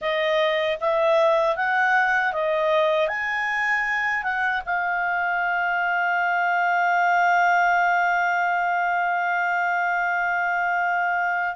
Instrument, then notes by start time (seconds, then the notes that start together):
clarinet
0.01 D#5
0.80 E5
1.56 F#5
2.32 D#5
3.08 G#5
4.23 F#5
4.65 F5